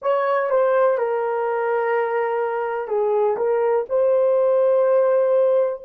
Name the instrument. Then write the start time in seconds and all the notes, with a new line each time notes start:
horn
0.02 C#5
0.50 C5
0.98 A#4
2.88 G#4
3.36 A#4
3.89 C5